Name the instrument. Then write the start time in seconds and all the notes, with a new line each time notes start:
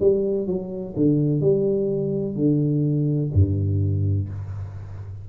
tuba
0.00 G3
0.47 F#3
0.96 D3
1.41 G3
2.36 D3
3.34 G2